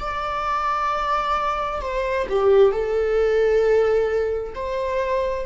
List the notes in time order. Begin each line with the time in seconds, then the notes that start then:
0.00 D5
1.82 C5
2.29 G4
2.72 A4
4.55 C5